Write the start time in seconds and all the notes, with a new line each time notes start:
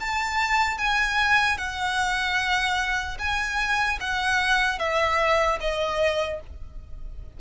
0.00 A5
0.78 G#5
1.58 F#5
3.19 G#5
4.01 F#5
4.79 E5
5.61 D#5